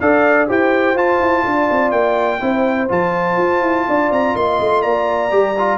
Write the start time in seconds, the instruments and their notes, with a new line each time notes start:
0.00 tuba D4, trombone A4, horn D5, trumpet F5
0.48 tuba E4, trombone G4, horn C5, trumpet G5
0.95 tuba F4, trombone F4, trumpet A5
1.20 tuba E4
1.45 tuba D4, horn D5
1.71 tuba C4
1.91 tuba A#3, trumpet G5
2.40 tuba C4, trombone E4, horn C5
2.89 tuba F3, trombone F4, trumpet A5
3.38 tuba F4
3.62 tuba E4
3.87 tuba D4, horn D5
4.11 tuba C4, trumpet A#5
4.35 tuba A#3, horn D#5, trumpet C6
4.60 tuba A3
4.82 tuba A#3, horn D5, trumpet A#5
5.30 tuba G3, trombone G4
5.59 trombone F4